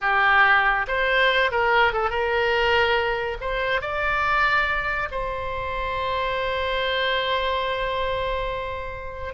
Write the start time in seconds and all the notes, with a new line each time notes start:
0.01 G4
0.87 C5
1.51 A#4
1.93 A4
2.09 A#4
3.40 C5
3.81 D5
5.11 C5